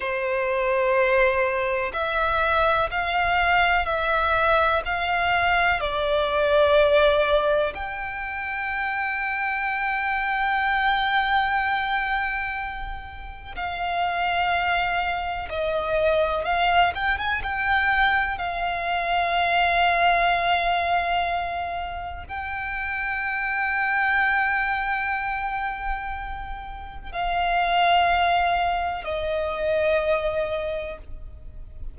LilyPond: \new Staff \with { instrumentName = "violin" } { \time 4/4 \tempo 4 = 62 c''2 e''4 f''4 | e''4 f''4 d''2 | g''1~ | g''2 f''2 |
dis''4 f''8 g''16 gis''16 g''4 f''4~ | f''2. g''4~ | g''1 | f''2 dis''2 | }